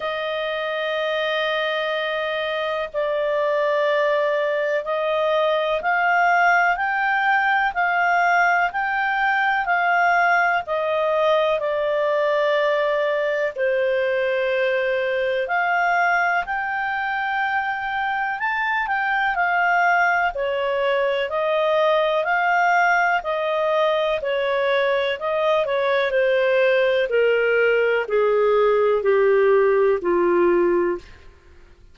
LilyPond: \new Staff \with { instrumentName = "clarinet" } { \time 4/4 \tempo 4 = 62 dis''2. d''4~ | d''4 dis''4 f''4 g''4 | f''4 g''4 f''4 dis''4 | d''2 c''2 |
f''4 g''2 a''8 g''8 | f''4 cis''4 dis''4 f''4 | dis''4 cis''4 dis''8 cis''8 c''4 | ais'4 gis'4 g'4 f'4 | }